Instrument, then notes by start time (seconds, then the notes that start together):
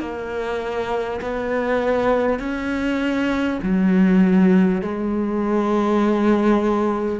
cello
0.00 A#3
1.21 B3
2.39 C#4
3.63 F#3
4.82 G#3